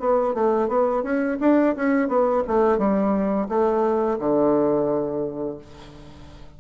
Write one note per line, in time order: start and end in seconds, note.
0.00 0.35 B3
0.35 0.68 A3
0.68 1.03 B3
1.03 1.38 C#4
1.40 1.75 D4
1.76 2.08 C#4
2.08 2.43 B3
2.48 2.78 A3
2.78 3.48 G3
3.49 4.19 A3
4.19 5.58 D3